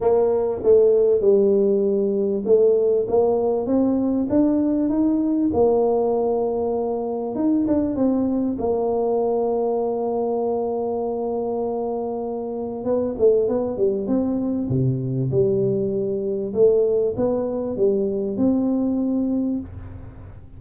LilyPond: \new Staff \with { instrumentName = "tuba" } { \time 4/4 \tempo 4 = 98 ais4 a4 g2 | a4 ais4 c'4 d'4 | dis'4 ais2. | dis'8 d'8 c'4 ais2~ |
ais1~ | ais4 b8 a8 b8 g8 c'4 | c4 g2 a4 | b4 g4 c'2 | }